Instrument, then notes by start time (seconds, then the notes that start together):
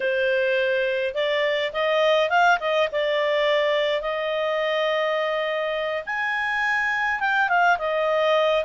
clarinet
0.00 C5
1.14 D5
1.73 D#5
2.29 F5
2.60 D#5
2.92 D5
4.01 D#5
6.06 G#5
7.20 G5
7.48 F5
7.78 D#5